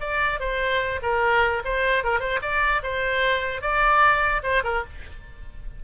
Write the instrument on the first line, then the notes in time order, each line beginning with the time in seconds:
oboe
0.00 D5
0.40 C5
1.02 A#4
1.65 C5
2.04 A#4
2.20 C5
2.42 D5
2.83 C5
3.61 D5
4.43 C5
4.64 A#4